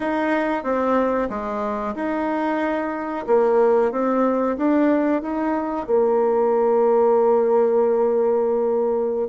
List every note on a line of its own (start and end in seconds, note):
0.00 0.63 D#4
0.63 1.28 C4
1.29 1.94 G#3
1.95 3.25 D#4
3.26 3.91 A#3
3.91 4.57 C4
4.57 5.22 D4
5.22 5.86 D#4
5.86 9.28 A#3